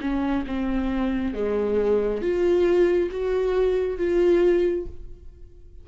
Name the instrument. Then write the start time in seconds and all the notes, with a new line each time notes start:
viola
0.00 C#4
0.46 C4
1.33 G#3
2.21 F4
3.10 F#4
3.97 F4